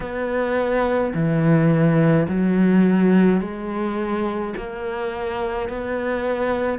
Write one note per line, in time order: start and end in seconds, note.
0.00 1.13 B3
1.13 2.26 E3
2.27 3.40 F#3
3.40 4.53 G#3
4.56 5.69 A#3
5.69 6.79 B3